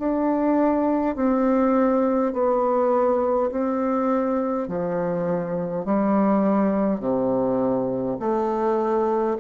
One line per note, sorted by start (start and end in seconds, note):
0.00 1.16 D4
1.16 2.33 C4
2.33 3.51 B3
3.51 4.68 C4
4.68 5.86 F3
5.86 7.01 G3
7.01 8.18 C3
8.20 9.38 A3